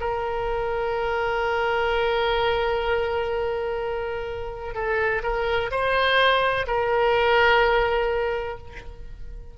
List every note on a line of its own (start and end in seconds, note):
0.00 4.75 A#4
4.75 5.23 A4
5.23 5.71 A#4
5.71 6.67 C5
6.67 8.58 A#4